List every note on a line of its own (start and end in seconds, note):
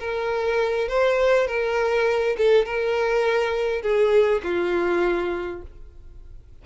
0.00 0.89 A#4
0.89 1.47 C5
1.47 2.37 A#4
2.38 2.66 A4
2.66 3.82 A#4
3.82 4.42 G#4
4.43 5.62 F4